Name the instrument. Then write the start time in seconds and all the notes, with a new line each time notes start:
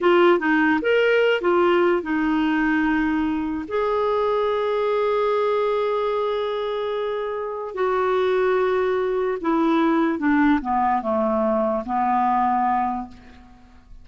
clarinet
0.01 F4
0.39 D#4
0.81 A#4
1.41 F4
2.02 D#4
3.68 G#4
7.74 F#4
9.41 E4
10.19 D4
10.61 B3
11.01 A3
11.85 B3